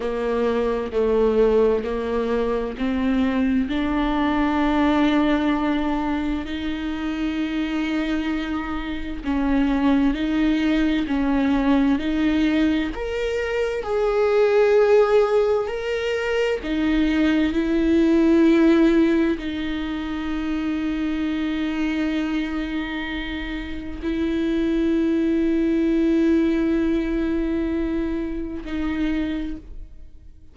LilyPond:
\new Staff \with { instrumentName = "viola" } { \time 4/4 \tempo 4 = 65 ais4 a4 ais4 c'4 | d'2. dis'4~ | dis'2 cis'4 dis'4 | cis'4 dis'4 ais'4 gis'4~ |
gis'4 ais'4 dis'4 e'4~ | e'4 dis'2.~ | dis'2 e'2~ | e'2. dis'4 | }